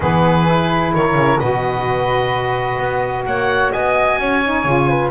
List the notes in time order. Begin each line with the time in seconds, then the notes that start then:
0.00 E3 B3 G#4 B4
0.45 E4
0.94 D#3 A#4 C#5
1.15 C#3
1.39 B2 F#4 B4 D#5
2.78 B3
3.26 A#3 C#5 F#5
3.72 B3 D#5 G#5
4.17 C#4 C#5
4.44 D#4
4.64 C#3 F4
4.89 B4